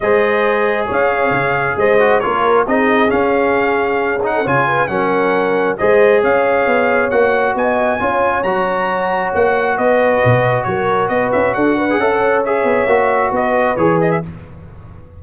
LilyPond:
<<
  \new Staff \with { instrumentName = "trumpet" } { \time 4/4 \tempo 4 = 135 dis''2 f''2 | dis''4 cis''4 dis''4 f''4~ | f''4. fis''8 gis''4 fis''4~ | fis''4 dis''4 f''2 |
fis''4 gis''2 ais''4~ | ais''4 fis''4 dis''2 | cis''4 dis''8 e''8 fis''2 | e''2 dis''4 cis''8 dis''16 e''16 | }
  \new Staff \with { instrumentName = "horn" } { \time 4/4 c''2 cis''2 | c''4 ais'4 gis'2~ | gis'4.~ gis'16 a'16 cis''8 b'8 ais'4~ | ais'4 c''4 cis''2~ |
cis''4 dis''4 cis''2~ | cis''2 b'2 | ais'4 b'4 a'8 b'8 e''16 cis''8.~ | cis''2 b'2 | }
  \new Staff \with { instrumentName = "trombone" } { \time 4/4 gis'1~ | gis'8 fis'8 f'4 dis'4 cis'4~ | cis'4. dis'8 f'4 cis'4~ | cis'4 gis'2. |
fis'2 f'4 fis'4~ | fis'1~ | fis'2~ fis'8. gis'16 a'4 | gis'4 fis'2 gis'4 | }
  \new Staff \with { instrumentName = "tuba" } { \time 4/4 gis2 cis'4 cis4 | gis4 ais4 c'4 cis'4~ | cis'2 cis4 fis4~ | fis4 gis4 cis'4 b4 |
ais4 b4 cis'4 fis4~ | fis4 ais4 b4 b,4 | fis4 b8 cis'8 d'4 cis'4~ | cis'8 b8 ais4 b4 e4 | }
>>